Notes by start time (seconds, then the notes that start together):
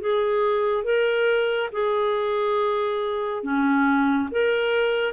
0.00 G#4
0.84 A#4
1.72 G#4
3.43 C#4
4.31 A#4